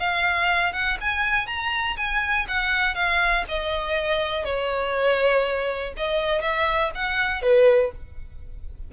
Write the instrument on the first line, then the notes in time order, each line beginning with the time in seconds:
violin
0.00 F5
0.73 F#5
1.01 G#5
1.47 A#5
1.97 G#5
2.48 F#5
2.95 F5
3.49 D#5
4.45 C#5
5.97 D#5
6.42 E5
6.95 F#5
7.42 B4